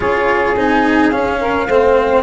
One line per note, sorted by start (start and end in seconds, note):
0.00 0.56 C#4
0.00 0.55 F4
0.00 1.38 G#4
0.00 0.56 C#5
0.56 1.11 C4
0.56 1.12 D#4
0.56 1.11 G#5
1.11 1.68 C#4
1.11 2.22 F5
1.40 1.68 A#4
1.68 2.22 A3
1.68 2.22 C4
1.68 2.22 C5